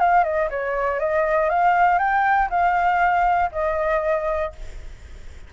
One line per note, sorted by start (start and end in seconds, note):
0.00 0.24 F5
0.24 0.50 D#5
0.51 1.00 C#5
1.00 1.50 D#5
1.50 1.99 F5
1.99 2.49 G5
2.50 3.51 F5
3.52 4.53 D#5